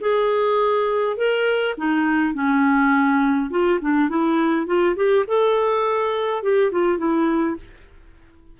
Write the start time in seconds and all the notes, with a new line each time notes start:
0.00 G#4
1.16 A#4
1.77 D#4
2.34 C#4
3.50 F4
3.81 D4
4.09 E4
4.66 F4
4.96 G4
5.27 A4
6.42 G4
6.71 F4
6.98 E4